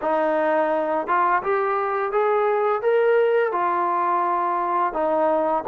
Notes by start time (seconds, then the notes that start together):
0.01 D#4
1.07 F4
1.42 G4
2.12 G#4
2.82 A#4
3.51 F4
4.93 D#4